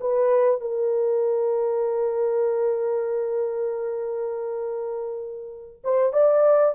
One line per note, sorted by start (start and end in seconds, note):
0.00 0.61 B4
0.61 5.82 A#4
5.84 6.12 C5
6.12 6.75 D5